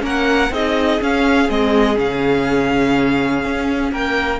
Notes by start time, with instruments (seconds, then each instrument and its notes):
0.00 cello A#3, viola C#4, violin A#4 F#5
0.50 cello C4, viola D#4, violin G#4 D#5
1.01 cello C#4, viola C#4, violin F5
1.49 cello G#3, viola C4, violin D#5
1.96 cello C#3, viola C#4, violin F5
3.44 cello C#4
3.91 cello A#3, violin A#4 G5